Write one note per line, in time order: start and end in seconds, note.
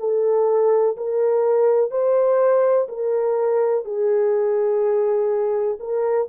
0.00 0.97 A4
0.97 1.91 A#4
1.91 2.88 C5
2.89 3.85 A#4
3.85 5.79 G#4
5.80 6.29 A#4